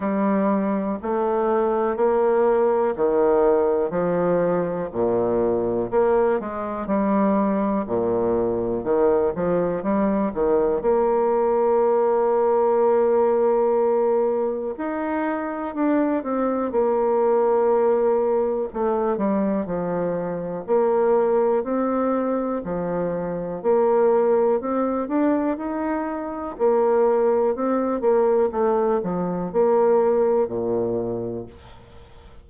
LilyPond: \new Staff \with { instrumentName = "bassoon" } { \time 4/4 \tempo 4 = 61 g4 a4 ais4 dis4 | f4 ais,4 ais8 gis8 g4 | ais,4 dis8 f8 g8 dis8 ais4~ | ais2. dis'4 |
d'8 c'8 ais2 a8 g8 | f4 ais4 c'4 f4 | ais4 c'8 d'8 dis'4 ais4 | c'8 ais8 a8 f8 ais4 ais,4 | }